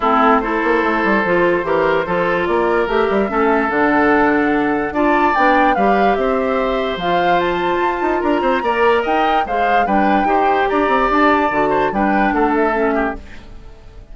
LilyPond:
<<
  \new Staff \with { instrumentName = "flute" } { \time 4/4 \tempo 4 = 146 a'4 c''2.~ | c''2 d''4 e''4~ | e''4 fis''2. | a''4 g''4 f''4 e''4~ |
e''4 f''4 a''2 | ais''2 g''4 f''4 | g''2 ais''4 a''4~ | a''4 g''4 fis''8 e''4. | }
  \new Staff \with { instrumentName = "oboe" } { \time 4/4 e'4 a'2. | ais'4 a'4 ais'2 | a'1 | d''2 b'4 c''4~ |
c''1 | ais'8 c''8 d''4 dis''4 c''4 | b'4 c''4 d''2~ | d''8 c''8 b'4 a'4. g'8 | }
  \new Staff \with { instrumentName = "clarinet" } { \time 4/4 c'4 e'2 f'4 | g'4 f'2 g'4 | cis'4 d'2. | f'4 d'4 g'2~ |
g'4 f'2.~ | f'4 ais'2 gis'4 | d'4 g'2. | fis'4 d'2 cis'4 | }
  \new Staff \with { instrumentName = "bassoon" } { \time 4/4 a4. ais8 a8 g8 f4 | e4 f4 ais4 a8 g8 | a4 d2. | d'4 b4 g4 c'4~ |
c'4 f2 f'8 dis'8 | d'8 c'8 ais4 dis'4 gis4 | g4 dis'4 d'8 c'8 d'4 | d4 g4 a2 | }
>>